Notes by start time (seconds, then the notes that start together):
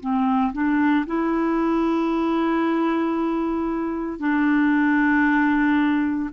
0.00 C4
0.53 D4
1.07 E4
4.19 D4